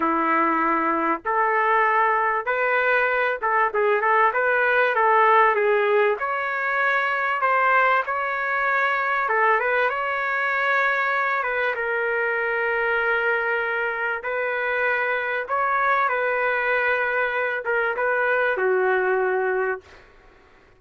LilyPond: \new Staff \with { instrumentName = "trumpet" } { \time 4/4 \tempo 4 = 97 e'2 a'2 | b'4. a'8 gis'8 a'8 b'4 | a'4 gis'4 cis''2 | c''4 cis''2 a'8 b'8 |
cis''2~ cis''8 b'8 ais'4~ | ais'2. b'4~ | b'4 cis''4 b'2~ | b'8 ais'8 b'4 fis'2 | }